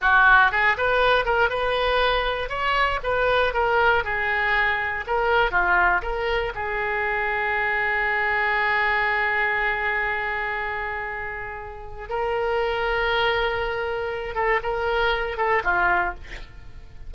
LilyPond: \new Staff \with { instrumentName = "oboe" } { \time 4/4 \tempo 4 = 119 fis'4 gis'8 b'4 ais'8 b'4~ | b'4 cis''4 b'4 ais'4 | gis'2 ais'4 f'4 | ais'4 gis'2.~ |
gis'1~ | gis'1 | ais'1~ | ais'8 a'8 ais'4. a'8 f'4 | }